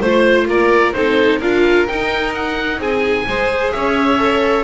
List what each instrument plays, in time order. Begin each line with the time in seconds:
0.00 double bass A3, viola F4, violin C5, oboe C5
0.47 double bass A#3, violin A#4, oboe D5
0.93 double bass C4, viola D#4, violin A4, oboe C5
1.38 double bass D4, viola F4, violin A#4, oboe F5
1.87 viola D#4, double bass D#4, oboe G5
2.34 oboe F#5
2.78 double bass C4, violin G#4, oboe G#5
3.27 double bass G#3, viola G#4, violin C5
3.72 double bass C#4, violin C#5, oboe E5
4.18 viola A4